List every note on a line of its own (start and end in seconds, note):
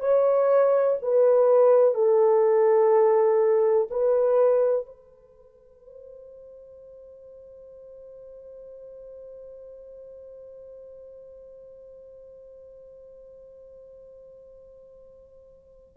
0.00 0.97 C#5
1.02 1.94 B4
1.94 3.88 A4
3.91 4.86 B4
4.86 15.96 C5